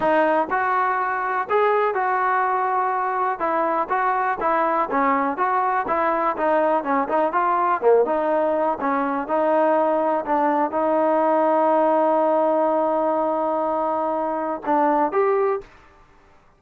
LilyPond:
\new Staff \with { instrumentName = "trombone" } { \time 4/4 \tempo 4 = 123 dis'4 fis'2 gis'4 | fis'2. e'4 | fis'4 e'4 cis'4 fis'4 | e'4 dis'4 cis'8 dis'8 f'4 |
ais8 dis'4. cis'4 dis'4~ | dis'4 d'4 dis'2~ | dis'1~ | dis'2 d'4 g'4 | }